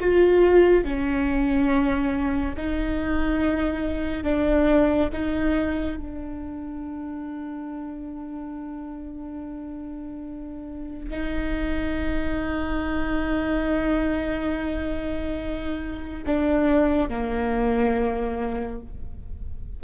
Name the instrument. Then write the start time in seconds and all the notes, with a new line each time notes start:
viola
0.00 F4
0.84 C#4
2.56 D#4
4.23 D4
5.12 D#4
5.96 D4
11.10 D#4
16.26 D4
17.08 A#3